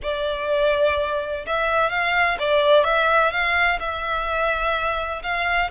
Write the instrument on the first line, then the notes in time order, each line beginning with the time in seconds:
violin
0.02 D5
1.46 E5
1.90 F5
2.39 D5
2.84 E5
3.31 F5
3.79 E5
5.23 F5